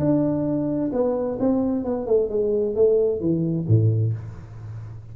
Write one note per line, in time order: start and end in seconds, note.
0.00 0.92 D4
0.93 1.39 B3
1.40 1.85 C4
1.85 2.07 B3
2.07 2.30 A3
2.30 2.76 G#3
2.76 3.21 A3
3.21 3.67 E3
3.68 4.14 A2